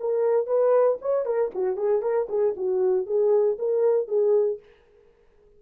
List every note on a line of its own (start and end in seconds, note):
0.00 0.47 A#4
0.47 0.98 B4
1.02 1.26 C#5
1.26 1.51 A#4
1.55 1.77 F#4
1.77 2.02 G#4
2.02 2.28 A#4
2.30 2.55 G#4
2.57 3.07 F#4
3.07 3.58 G#4
3.59 4.08 A#4
4.08 4.60 G#4